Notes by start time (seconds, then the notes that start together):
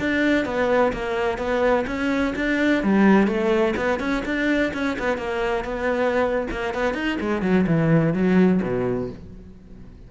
0.00 D4
0.45 B3
0.93 A#3
1.38 B3
1.87 C#4
2.36 D4
2.83 G3
3.27 A3
3.76 B3
4.00 C#4
4.25 D4
4.74 C#4
4.99 B3
5.18 A#3
5.65 B3
6.51 A#3
6.74 B3
6.94 D#4
7.20 G#3
7.42 F#3
7.67 E3
8.14 F#3
8.62 B2